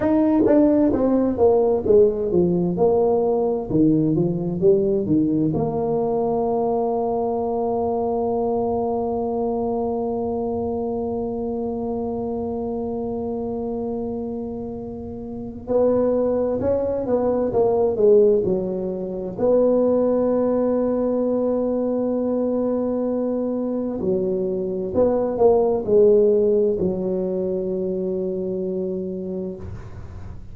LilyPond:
\new Staff \with { instrumentName = "tuba" } { \time 4/4 \tempo 4 = 65 dis'8 d'8 c'8 ais8 gis8 f8 ais4 | dis8 f8 g8 dis8 ais2~ | ais1~ | ais1~ |
ais4 b4 cis'8 b8 ais8 gis8 | fis4 b2.~ | b2 fis4 b8 ais8 | gis4 fis2. | }